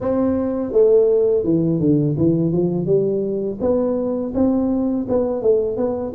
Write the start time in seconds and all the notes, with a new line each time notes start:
0.00 C4
0.72 A3
1.44 E3
1.79 D3
2.17 E3
2.52 F3
2.86 G3
3.60 B3
4.34 C4
5.08 B3
5.42 A3
5.76 B3